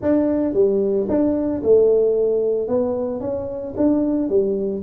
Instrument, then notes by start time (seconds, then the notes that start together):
tuba
0.01 D4
0.53 G3
1.08 D4
1.62 A3
2.68 B3
3.20 C#4
3.76 D4
4.29 G3